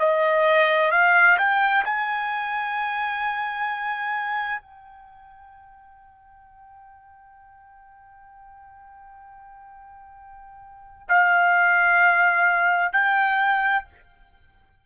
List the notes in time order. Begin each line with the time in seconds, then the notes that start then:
0.00 D#5
0.92 F5
1.39 G5
1.86 G#5
4.62 G5
11.09 F5
12.93 G5